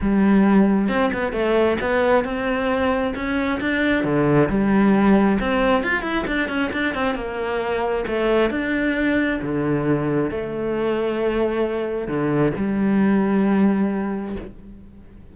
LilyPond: \new Staff \with { instrumentName = "cello" } { \time 4/4 \tempo 4 = 134 g2 c'8 b8 a4 | b4 c'2 cis'4 | d'4 d4 g2 | c'4 f'8 e'8 d'8 cis'8 d'8 c'8 |
ais2 a4 d'4~ | d'4 d2 a4~ | a2. d4 | g1 | }